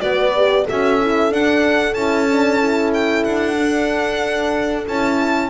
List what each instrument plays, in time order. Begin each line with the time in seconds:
0.00 double bass B3, horn F#4 B4, violin D5
0.36 horn G4
0.65 double bass C#4, horn F#4 A4, violin E5
1.01 horn E4
1.31 horn D4, double bass D4, violin F#5
1.94 double bass C#4, horn E4, violin A5
2.31 horn D4
2.59 horn E4
2.94 violin G5
3.24 double bass D4, violin F#5
3.58 horn D4
4.87 double bass C#4, horn E4, violin A5